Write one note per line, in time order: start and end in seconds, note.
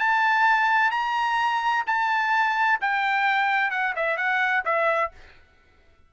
0.00 0.92 A5
0.92 1.85 A#5
1.87 2.80 A5
2.81 3.71 G5
3.71 3.94 F#5
3.96 4.18 E5
4.18 4.64 F#5
4.66 5.12 E5